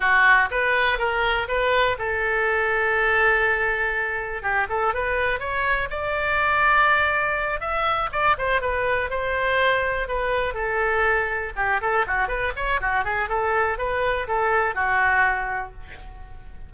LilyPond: \new Staff \with { instrumentName = "oboe" } { \time 4/4 \tempo 4 = 122 fis'4 b'4 ais'4 b'4 | a'1~ | a'4 g'8 a'8 b'4 cis''4 | d''2.~ d''8 e''8~ |
e''8 d''8 c''8 b'4 c''4.~ | c''8 b'4 a'2 g'8 | a'8 fis'8 b'8 cis''8 fis'8 gis'8 a'4 | b'4 a'4 fis'2 | }